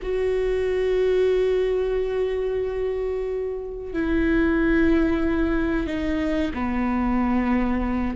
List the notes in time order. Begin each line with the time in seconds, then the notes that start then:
0.02 F#4
3.93 E4
5.86 D#4
6.53 B3